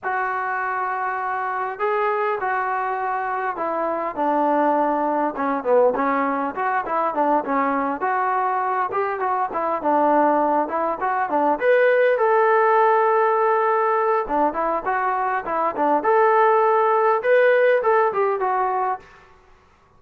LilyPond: \new Staff \with { instrumentName = "trombone" } { \time 4/4 \tempo 4 = 101 fis'2. gis'4 | fis'2 e'4 d'4~ | d'4 cis'8 b8 cis'4 fis'8 e'8 | d'8 cis'4 fis'4. g'8 fis'8 |
e'8 d'4. e'8 fis'8 d'8 b'8~ | b'8 a'2.~ a'8 | d'8 e'8 fis'4 e'8 d'8 a'4~ | a'4 b'4 a'8 g'8 fis'4 | }